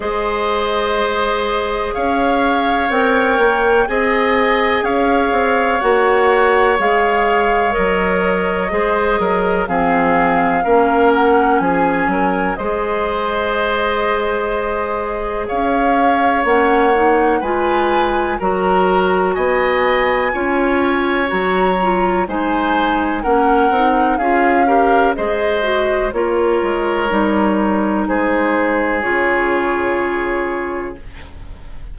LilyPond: <<
  \new Staff \with { instrumentName = "flute" } { \time 4/4 \tempo 4 = 62 dis''2 f''4 g''4 | gis''4 f''4 fis''4 f''4 | dis''2 f''4. fis''8 | gis''4 dis''2. |
f''4 fis''4 gis''4 ais''4 | gis''2 ais''4 gis''4 | fis''4 f''4 dis''4 cis''4~ | cis''4 c''4 cis''2 | }
  \new Staff \with { instrumentName = "oboe" } { \time 4/4 c''2 cis''2 | dis''4 cis''2.~ | cis''4 c''8 ais'8 gis'4 ais'4 | gis'8 ais'8 c''2. |
cis''2 b'4 ais'4 | dis''4 cis''2 c''4 | ais'4 gis'8 ais'8 c''4 ais'4~ | ais'4 gis'2. | }
  \new Staff \with { instrumentName = "clarinet" } { \time 4/4 gis'2. ais'4 | gis'2 fis'4 gis'4 | ais'4 gis'4 c'4 cis'4~ | cis'4 gis'2.~ |
gis'4 cis'8 dis'8 f'4 fis'4~ | fis'4 f'4 fis'8 f'8 dis'4 | cis'8 dis'8 f'8 g'8 gis'8 fis'8 f'4 | dis'2 f'2 | }
  \new Staff \with { instrumentName = "bassoon" } { \time 4/4 gis2 cis'4 c'8 ais8 | c'4 cis'8 c'8 ais4 gis4 | fis4 gis8 fis8 f4 ais4 | f8 fis8 gis2. |
cis'4 ais4 gis4 fis4 | b4 cis'4 fis4 gis4 | ais8 c'8 cis'4 gis4 ais8 gis8 | g4 gis4 cis2 | }
>>